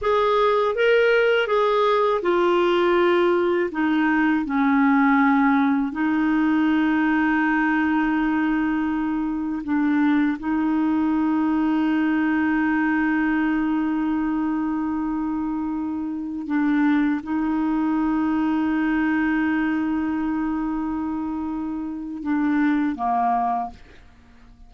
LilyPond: \new Staff \with { instrumentName = "clarinet" } { \time 4/4 \tempo 4 = 81 gis'4 ais'4 gis'4 f'4~ | f'4 dis'4 cis'2 | dis'1~ | dis'4 d'4 dis'2~ |
dis'1~ | dis'2~ dis'16 d'4 dis'8.~ | dis'1~ | dis'2 d'4 ais4 | }